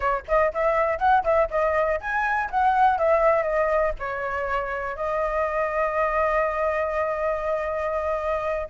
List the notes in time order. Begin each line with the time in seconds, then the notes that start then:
0.00 C#5
0.27 D#5
0.53 E5
0.98 F#5
1.24 E5
1.50 D#5
2.00 G#5
2.50 F#5
2.98 E5
3.42 D#5
3.99 C#5
4.96 D#5